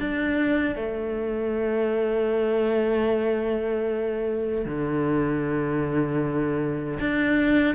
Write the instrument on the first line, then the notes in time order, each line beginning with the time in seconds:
cello
0.00 D4
0.76 A3
4.65 D3
7.00 D4